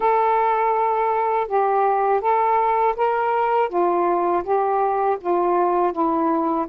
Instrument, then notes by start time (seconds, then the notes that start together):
saxophone
0.00 A4
1.47 G4
2.20 A4
2.96 A#4
3.69 F4
4.43 G4
5.20 F4
5.92 E4